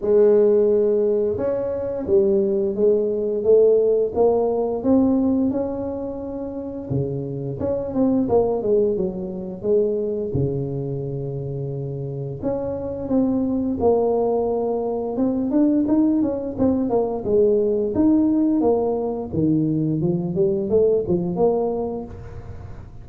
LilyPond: \new Staff \with { instrumentName = "tuba" } { \time 4/4 \tempo 4 = 87 gis2 cis'4 g4 | gis4 a4 ais4 c'4 | cis'2 cis4 cis'8 c'8 | ais8 gis8 fis4 gis4 cis4~ |
cis2 cis'4 c'4 | ais2 c'8 d'8 dis'8 cis'8 | c'8 ais8 gis4 dis'4 ais4 | dis4 f8 g8 a8 f8 ais4 | }